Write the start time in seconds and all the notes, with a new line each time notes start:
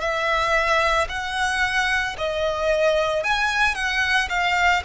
0.00 E5
1.09 F#5
2.18 D#5
3.23 G#5
3.75 F#5
4.29 F5